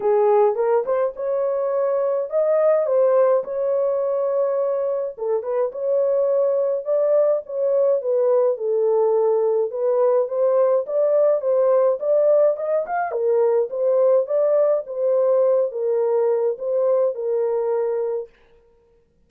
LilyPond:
\new Staff \with { instrumentName = "horn" } { \time 4/4 \tempo 4 = 105 gis'4 ais'8 c''8 cis''2 | dis''4 c''4 cis''2~ | cis''4 a'8 b'8 cis''2 | d''4 cis''4 b'4 a'4~ |
a'4 b'4 c''4 d''4 | c''4 d''4 dis''8 f''8 ais'4 | c''4 d''4 c''4. ais'8~ | ais'4 c''4 ais'2 | }